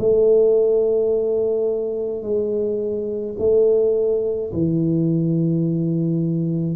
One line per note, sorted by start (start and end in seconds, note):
0.00 2.23 A3
2.23 3.36 G#3
3.39 4.52 A3
4.53 6.76 E3